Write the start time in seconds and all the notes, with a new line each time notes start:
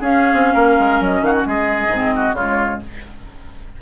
0.00 C#4 G#4 F5
0.33 C4
0.54 A#3 A#4
0.79 G#3
1.00 F#3 D#5
1.21 D#3 F#4 F5
1.33 F#5
1.46 G#3 G#4 D#5
1.88 G#2 C4
2.15 F#4
2.33 C#3 G#3 F4 C#5